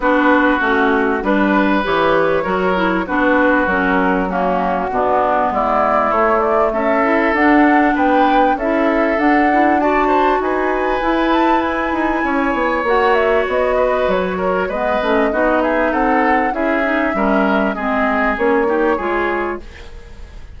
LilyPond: <<
  \new Staff \with { instrumentName = "flute" } { \time 4/4 \tempo 4 = 98 b'4 fis'4 b'4 cis''4~ | cis''4 b'4 ais'4 fis'4~ | fis'4 d''4 cis''8 d''8 e''4 | fis''4 g''4 e''4 fis''4 |
a''4 gis''4. a''8 gis''4~ | gis''4 fis''8 e''8 dis''4 cis''4 | dis''4. e''8 fis''4 e''4~ | e''4 dis''4 cis''2 | }
  \new Staff \with { instrumentName = "oboe" } { \time 4/4 fis'2 b'2 | ais'4 fis'2 cis'4 | d'4 e'2 a'4~ | a'4 b'4 a'2 |
d''8 c''8 b'2. | cis''2~ cis''8 b'4 ais'8 | b'4 fis'8 gis'8 a'4 gis'4 | ais'4 gis'4. g'8 gis'4 | }
  \new Staff \with { instrumentName = "clarinet" } { \time 4/4 d'4 cis'4 d'4 g'4 | fis'8 e'8 d'4 cis'4 ais4 | b2 a4. e'8 | d'2 e'4 d'8 e'8 |
fis'2 e'2~ | e'4 fis'2. | b8 cis'8 dis'2 e'8 dis'8 | cis'4 c'4 cis'8 dis'8 f'4 | }
  \new Staff \with { instrumentName = "bassoon" } { \time 4/4 b4 a4 g4 e4 | fis4 b4 fis2 | b,4 gis4 a4 cis'4 | d'4 b4 cis'4 d'4~ |
d'4 dis'4 e'4. dis'8 | cis'8 b8 ais4 b4 fis4 | gis8 a8 b4 c'4 cis'4 | g4 gis4 ais4 gis4 | }
>>